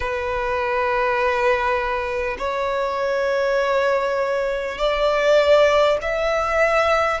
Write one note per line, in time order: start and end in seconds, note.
0.00 2.37 B4
2.38 4.77 C#5
4.77 5.97 D5
6.01 7.20 E5